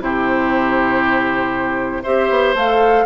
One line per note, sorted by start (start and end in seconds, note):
0.00 2.03 C3
0.00 2.04 E4
0.00 2.03 G4
0.00 2.04 C5
2.03 2.30 C4
2.03 2.56 G4
2.03 3.05 C5
2.03 2.54 E5
2.30 2.55 B3
2.55 3.06 A3
2.55 3.06 A4
2.55 3.06 F5